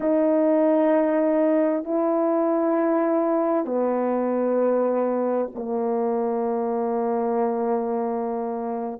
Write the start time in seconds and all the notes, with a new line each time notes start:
0.00 D#4
1.84 E4
3.65 B3
5.55 A#3